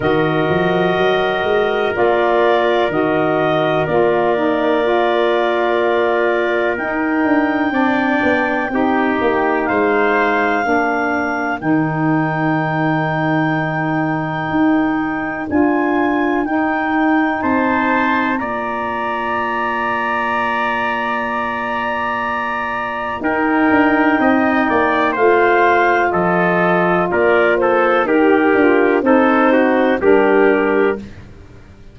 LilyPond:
<<
  \new Staff \with { instrumentName = "clarinet" } { \time 4/4 \tempo 4 = 62 dis''2 d''4 dis''4 | d''2. g''4~ | g''2 f''2 | g''1 |
gis''4 g''4 a''4 ais''4~ | ais''1 | g''2 f''4 dis''4 | d''8 c''8 ais'4 c''4 ais'4 | }
  \new Staff \with { instrumentName = "trumpet" } { \time 4/4 ais'1~ | ais'1 | d''4 g'4 c''4 ais'4~ | ais'1~ |
ais'2 c''4 d''4~ | d''1 | ais'4 dis''8 d''8 c''4 a'4 | ais'8 a'8 g'4 a'8 fis'8 g'4 | }
  \new Staff \with { instrumentName = "saxophone" } { \time 4/4 fis'2 f'4 fis'4 | f'8 dis'8 f'2 dis'4 | d'4 dis'2 d'4 | dis'1 |
f'4 dis'2 f'4~ | f'1 | dis'2 f'2~ | f'4 g'8 f'8 dis'4 d'4 | }
  \new Staff \with { instrumentName = "tuba" } { \time 4/4 dis8 f8 fis8 gis8 ais4 dis4 | ais2. dis'8 d'8 | c'8 b8 c'8 ais8 gis4 ais4 | dis2. dis'4 |
d'4 dis'4 c'4 ais4~ | ais1 | dis'8 d'8 c'8 ais8 a4 f4 | ais4 dis'8 d'8 c'4 g4 | }
>>